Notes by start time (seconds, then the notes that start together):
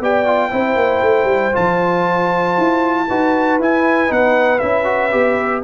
0.00 B3 G4 D5 G5
0.26 F4
0.50 C4 E4 C5
0.76 A#3
1.01 A3
1.24 G3
1.53 F3 F4 A5
2.58 E4
3.07 D#4 F#4 B4
3.59 E4 G#5
4.08 B3 D#4 F#5
4.59 C#4 E4 E5
4.84 F#4
5.11 B3 G4